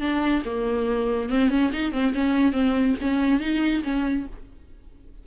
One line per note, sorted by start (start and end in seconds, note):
0.00 0.43 D4
0.45 1.29 A#3
1.29 1.49 C4
1.49 1.71 C#4
1.73 1.92 D#4
1.92 2.13 C4
2.14 2.52 C#4
2.52 2.95 C4
3.01 3.40 C#4
3.40 3.83 D#4
3.83 4.26 C#4